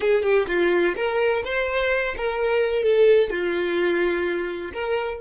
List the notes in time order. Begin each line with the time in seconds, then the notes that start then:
0.00 G#4
0.22 G4
0.47 F4
0.96 A#4
1.44 C5
2.17 A#4
2.82 A4
3.30 F4
4.73 A#4